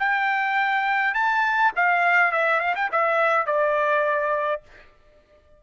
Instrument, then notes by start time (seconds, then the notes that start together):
trumpet
0.00 G5
1.15 A5
1.76 F5
2.32 E5
2.61 F5
2.76 G5
2.92 E5
3.47 D5